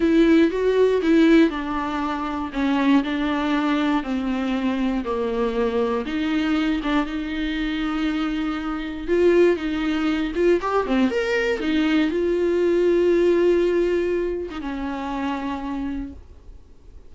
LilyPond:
\new Staff \with { instrumentName = "viola" } { \time 4/4 \tempo 4 = 119 e'4 fis'4 e'4 d'4~ | d'4 cis'4 d'2 | c'2 ais2 | dis'4. d'8 dis'2~ |
dis'2 f'4 dis'4~ | dis'8 f'8 g'8 c'8 ais'4 dis'4 | f'1~ | f'8. dis'16 cis'2. | }